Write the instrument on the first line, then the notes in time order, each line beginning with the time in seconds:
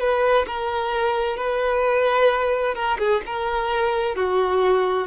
violin
0.00 B4
0.47 A#4
1.37 B4
2.75 A#4
2.99 G#4
3.26 A#4
4.16 F#4